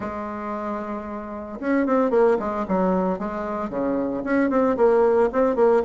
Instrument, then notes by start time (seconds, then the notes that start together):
bassoon
0.00 G#3
1.60 C#4
1.86 C4
2.10 A#3
2.39 G#3
2.68 F#3
3.18 G#3
3.69 C#3
4.24 C#4
4.49 C4
4.76 A#3
5.32 C4
5.55 A#3